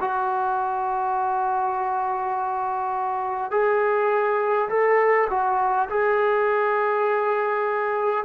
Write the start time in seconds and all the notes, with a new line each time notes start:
0.00 F#4
3.51 G#4
4.69 A4
5.30 F#4
5.89 G#4